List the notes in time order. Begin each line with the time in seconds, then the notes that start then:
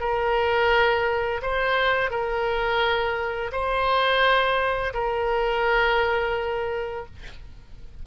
0.00 A#4
1.42 C5
2.10 A#4
3.52 C5
4.94 A#4